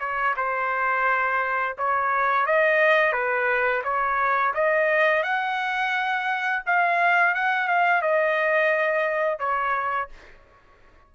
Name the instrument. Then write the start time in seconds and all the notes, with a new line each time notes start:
trumpet
0.00 C#5
0.37 C5
1.78 C#5
2.46 D#5
3.13 B4
3.84 C#5
4.54 D#5
5.24 F#5
6.66 F5
7.35 F#5
7.68 F5
8.02 D#5
9.39 C#5